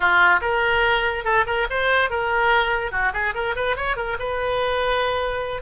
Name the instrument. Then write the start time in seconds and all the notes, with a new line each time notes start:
oboe
0.00 F4
0.41 A#4
1.24 A4
1.46 A#4
1.70 C5
2.09 A#4
2.91 F#4
3.13 G#4
3.34 A#4
3.55 B4
3.76 C#5
3.96 A#4
4.19 B4